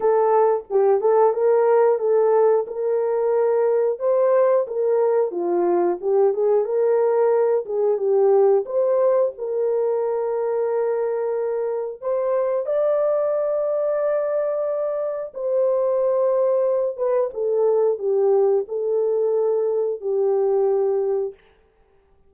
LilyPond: \new Staff \with { instrumentName = "horn" } { \time 4/4 \tempo 4 = 90 a'4 g'8 a'8 ais'4 a'4 | ais'2 c''4 ais'4 | f'4 g'8 gis'8 ais'4. gis'8 | g'4 c''4 ais'2~ |
ais'2 c''4 d''4~ | d''2. c''4~ | c''4. b'8 a'4 g'4 | a'2 g'2 | }